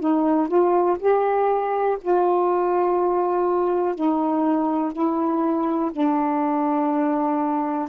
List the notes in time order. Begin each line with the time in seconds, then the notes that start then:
0.00 D#4
0.48 F4
0.99 G4
2.01 F4
3.95 D#4
4.93 E4
5.92 D4